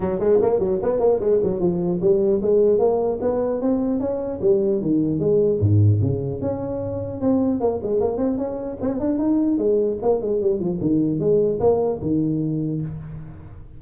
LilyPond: \new Staff \with { instrumentName = "tuba" } { \time 4/4 \tempo 4 = 150 fis8 gis8 ais8 fis8 b8 ais8 gis8 fis8 | f4 g4 gis4 ais4 | b4 c'4 cis'4 g4 | dis4 gis4 gis,4 cis4 |
cis'2 c'4 ais8 gis8 | ais8 c'8 cis'4 c'8 d'8 dis'4 | gis4 ais8 gis8 g8 f8 dis4 | gis4 ais4 dis2 | }